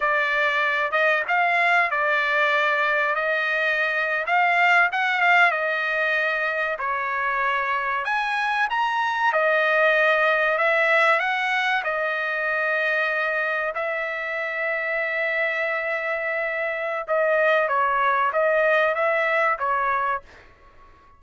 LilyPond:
\new Staff \with { instrumentName = "trumpet" } { \time 4/4 \tempo 4 = 95 d''4. dis''8 f''4 d''4~ | d''4 dis''4.~ dis''16 f''4 fis''16~ | fis''16 f''8 dis''2 cis''4~ cis''16~ | cis''8. gis''4 ais''4 dis''4~ dis''16~ |
dis''8. e''4 fis''4 dis''4~ dis''16~ | dis''4.~ dis''16 e''2~ e''16~ | e''2. dis''4 | cis''4 dis''4 e''4 cis''4 | }